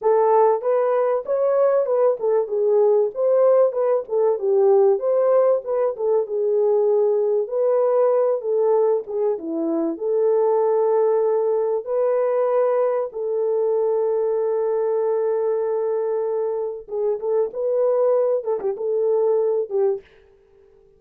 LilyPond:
\new Staff \with { instrumentName = "horn" } { \time 4/4 \tempo 4 = 96 a'4 b'4 cis''4 b'8 a'8 | gis'4 c''4 b'8 a'8 g'4 | c''4 b'8 a'8 gis'2 | b'4. a'4 gis'8 e'4 |
a'2. b'4~ | b'4 a'2.~ | a'2. gis'8 a'8 | b'4. a'16 g'16 a'4. g'8 | }